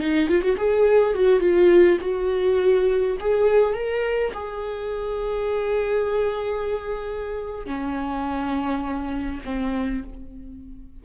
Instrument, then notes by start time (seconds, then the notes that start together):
viola
0.00 D#4
0.29 F4
0.42 F#4
0.57 G#4
1.15 F#4
1.40 F4
2.01 F#4
3.20 G#4
3.75 A#4
4.34 G#4
7.67 C#4
9.45 C4